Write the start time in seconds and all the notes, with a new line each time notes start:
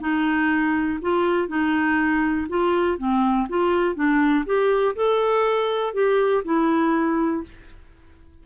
0.00 D#4
1.01 F4
1.48 D#4
2.49 F4
2.98 C4
3.49 F4
3.95 D4
4.45 G4
4.95 A4
5.93 G4
6.44 E4